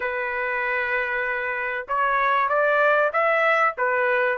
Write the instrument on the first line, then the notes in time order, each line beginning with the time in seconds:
trumpet
0.00 B4
1.88 C#5
2.48 D5
3.12 E5
3.77 B4